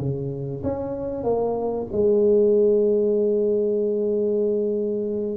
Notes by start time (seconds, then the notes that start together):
0.00 C#3
0.63 C#4
1.24 A#3
1.92 G#3